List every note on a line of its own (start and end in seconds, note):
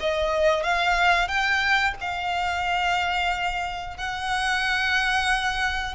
0.00 0.64 D#5
0.64 1.28 F5
1.28 1.94 G5
2.01 3.97 F5
3.97 5.95 F#5